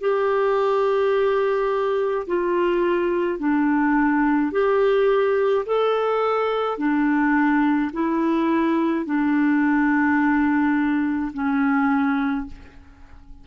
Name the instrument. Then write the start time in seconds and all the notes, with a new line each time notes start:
clarinet
0.00 G4
2.27 F4
3.39 D4
4.52 G4
5.66 A4
6.77 D4
7.93 E4
9.05 D4
11.33 C#4